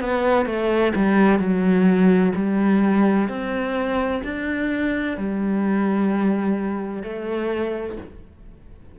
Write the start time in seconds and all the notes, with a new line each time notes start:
0.00 B3
0.46 A3
0.95 G3
1.39 F#3
2.35 G3
3.29 C4
4.24 D4
5.17 G3
7.03 A3